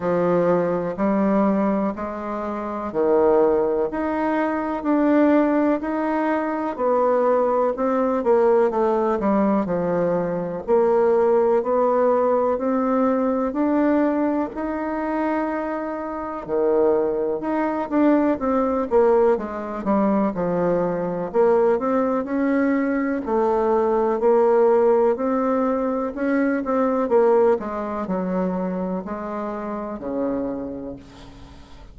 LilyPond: \new Staff \with { instrumentName = "bassoon" } { \time 4/4 \tempo 4 = 62 f4 g4 gis4 dis4 | dis'4 d'4 dis'4 b4 | c'8 ais8 a8 g8 f4 ais4 | b4 c'4 d'4 dis'4~ |
dis'4 dis4 dis'8 d'8 c'8 ais8 | gis8 g8 f4 ais8 c'8 cis'4 | a4 ais4 c'4 cis'8 c'8 | ais8 gis8 fis4 gis4 cis4 | }